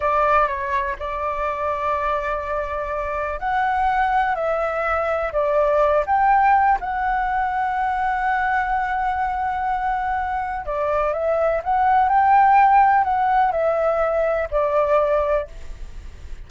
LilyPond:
\new Staff \with { instrumentName = "flute" } { \time 4/4 \tempo 4 = 124 d''4 cis''4 d''2~ | d''2. fis''4~ | fis''4 e''2 d''4~ | d''8 g''4. fis''2~ |
fis''1~ | fis''2 d''4 e''4 | fis''4 g''2 fis''4 | e''2 d''2 | }